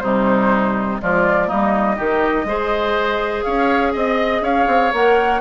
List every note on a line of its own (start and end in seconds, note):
0.00 1.00 C3
0.00 1.00 G3
0.00 1.02 D#4
0.00 0.98 C5
1.00 1.52 F3
1.00 1.47 G#3
1.00 1.47 F4
1.00 1.49 D5
1.47 1.99 G3
1.47 1.96 A#3
1.47 1.96 D#4
1.47 3.43 D#5
1.96 2.44 D#3
1.96 2.45 D#4
1.96 2.45 G4
2.44 3.43 G#3
2.44 4.93 G#4
2.44 3.45 C5
3.43 3.95 C#4
3.43 3.93 C#5
3.43 3.92 F5
3.93 4.41 C4
3.93 4.42 D#5
3.93 4.44 D#5
4.41 4.66 C#4
4.41 5.41 C#5
4.41 4.93 F5
4.67 4.92 C4
4.93 5.41 A#3
4.93 5.41 A#4
4.93 5.41 F#5